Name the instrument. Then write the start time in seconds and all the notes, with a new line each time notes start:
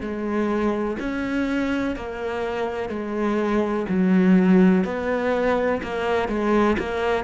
cello
0.00 G#3
0.99 C#4
1.96 A#3
2.89 G#3
3.88 F#3
4.84 B3
5.83 A#3
6.28 G#3
6.79 A#3